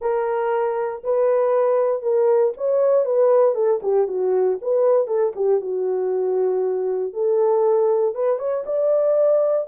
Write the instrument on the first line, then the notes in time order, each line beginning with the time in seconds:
horn
0.01 A#4
1.03 B4
2.02 A#4
2.57 C#5
3.05 B4
3.55 A4
3.82 G4
4.07 F#4
4.61 B4
5.07 A4
5.35 G4
5.60 F#4
7.13 A4
8.14 B4
8.38 C#5
8.66 D5